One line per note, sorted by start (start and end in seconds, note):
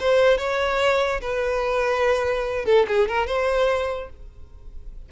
0.00 0.38 C5
0.38 1.21 C#5
1.21 2.66 B4
2.66 2.87 A4
2.88 3.08 G#4
3.08 3.27 A#4
3.27 4.10 C5